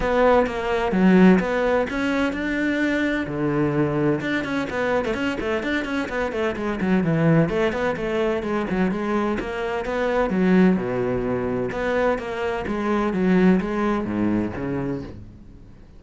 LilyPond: \new Staff \with { instrumentName = "cello" } { \time 4/4 \tempo 4 = 128 b4 ais4 fis4 b4 | cis'4 d'2 d4~ | d4 d'8 cis'8 b8. a16 cis'8 a8 | d'8 cis'8 b8 a8 gis8 fis8 e4 |
a8 b8 a4 gis8 fis8 gis4 | ais4 b4 fis4 b,4~ | b,4 b4 ais4 gis4 | fis4 gis4 gis,4 cis4 | }